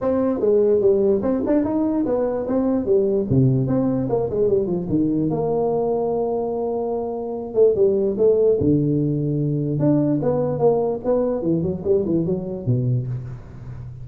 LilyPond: \new Staff \with { instrumentName = "tuba" } { \time 4/4 \tempo 4 = 147 c'4 gis4 g4 c'8 d'8 | dis'4 b4 c'4 g4 | c4 c'4 ais8 gis8 g8 f8 | dis4 ais2.~ |
ais2~ ais8 a8 g4 | a4 d2. | d'4 b4 ais4 b4 | e8 fis8 g8 e8 fis4 b,4 | }